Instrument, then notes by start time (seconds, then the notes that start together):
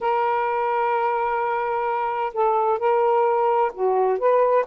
saxophone
0.00 A#4
2.33 A4
2.78 A#4
3.74 F#4
4.18 B4